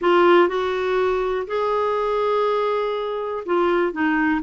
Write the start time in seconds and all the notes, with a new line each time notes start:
0.01 F4
0.48 F#4
1.47 G#4
3.45 F4
3.92 D#4